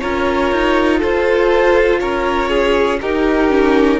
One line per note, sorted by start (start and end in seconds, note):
0.00 0.52 C#4
0.00 3.01 F4
0.00 0.99 A#4
0.00 1.00 C#5
0.52 1.02 D#4
0.99 2.02 F4
0.99 1.99 A4
0.99 2.00 C5
2.00 3.02 C#4
2.00 2.50 A#4
2.00 3.00 C#5
2.50 3.00 G#4
3.02 4.00 D#4
3.02 3.50 D#4
3.02 4.00 G4
3.02 4.00 A#4
3.50 4.00 C#4